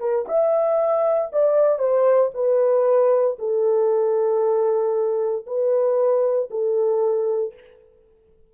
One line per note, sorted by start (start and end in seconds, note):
0.00 0.26 A#4
0.28 1.32 E5
1.33 1.79 D5
1.79 2.31 C5
2.34 3.38 B4
3.39 5.46 A4
5.46 6.50 B4
6.51 7.54 A4